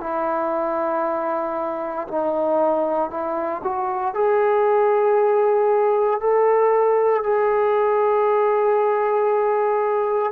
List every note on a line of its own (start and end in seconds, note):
0.00 2.07 E4
2.07 3.10 D#4
3.10 3.62 E4
3.63 4.14 F#4
4.14 6.20 G#4
6.20 7.24 A4
7.24 10.32 G#4